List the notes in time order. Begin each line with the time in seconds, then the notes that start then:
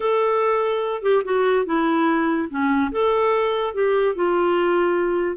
0.00 A4
1.02 G4
1.24 F#4
1.65 E4
2.50 C#4
2.91 A4
3.74 G4
4.15 F4